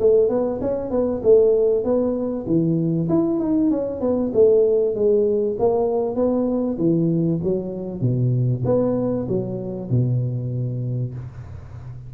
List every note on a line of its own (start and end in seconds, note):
0.00 0.29 A3
0.29 0.60 B3
0.61 0.91 C#4
0.91 1.22 B3
1.23 1.84 A3
1.84 2.46 B3
2.47 3.09 E3
3.10 3.40 E4
3.40 3.71 D#4
3.71 4.01 C#4
4.01 4.32 B3
4.34 4.95 A3
4.95 5.57 G#3
5.60 6.16 A#3
6.16 6.78 B3
6.78 7.40 E3
7.44 8.02 F#3
8.02 8.63 B2
8.65 9.27 B3
9.29 9.91 F#3
9.91 11.15 B2